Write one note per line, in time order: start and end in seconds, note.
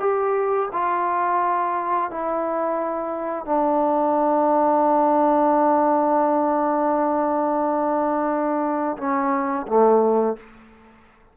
0.00 0.69 G4
0.73 2.11 F4
2.11 3.45 E4
3.45 8.97 D4
8.97 9.66 C#4
9.67 10.36 A3